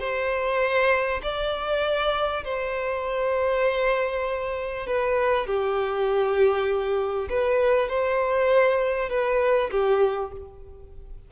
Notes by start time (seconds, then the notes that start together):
0.00 C5
1.23 D5
2.45 C5
4.87 B4
5.47 G4
7.30 B4
7.89 C5
9.10 B4
9.72 G4